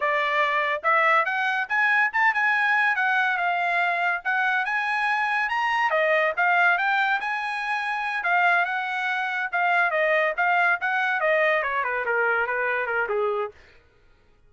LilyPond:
\new Staff \with { instrumentName = "trumpet" } { \time 4/4 \tempo 4 = 142 d''2 e''4 fis''4 | gis''4 a''8 gis''4. fis''4 | f''2 fis''4 gis''4~ | gis''4 ais''4 dis''4 f''4 |
g''4 gis''2~ gis''8 f''8~ | f''8 fis''2 f''4 dis''8~ | dis''8 f''4 fis''4 dis''4 cis''8 | b'8 ais'4 b'4 ais'8 gis'4 | }